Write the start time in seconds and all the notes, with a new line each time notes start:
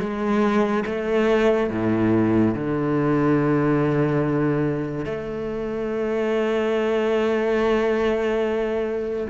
0.00 G#3
0.86 A3
1.70 A2
2.55 D3
5.06 A3